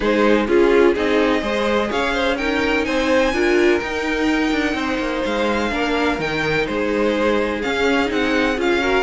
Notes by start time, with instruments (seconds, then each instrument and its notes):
0.00 cello G#3, viola D#4, violin G#4 C5
0.47 cello C#4, violin F4 G#4, viola F4
0.93 cello C4, viola D#4, violin G#4 D#5
1.41 cello G#3, viola G#4, violin C5
1.90 cello C#4, violin C#5 F5
2.13 violin C5
2.37 viola D#4, violin A#4 G5
2.84 cello C4, violin C5 G#5
3.32 cello D4, viola F4, violin A#4
3.79 viola D#4, cello D#4, violin G5
4.51 cello D4
4.74 cello C4, violin C5
4.98 cello A#3
5.25 cello G#3, violin F5
5.70 cello A#3, viola D4, violin A#4
6.18 cello D#3, viola D#4, violin G5
6.66 cello G#3, violin G#4 C5
7.62 viola C#4, cello C#4, violin F5
8.06 cello C4, viola D#4
8.12 violin F#5
8.57 cello C#4, viola F4, violin F5
8.81 viola F#4, violin A#4